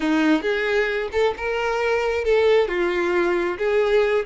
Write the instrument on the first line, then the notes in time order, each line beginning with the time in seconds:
violin
0.00 D#4
0.42 G#4
1.12 A4
1.37 A#4
2.24 A4
2.67 F4
3.58 G#4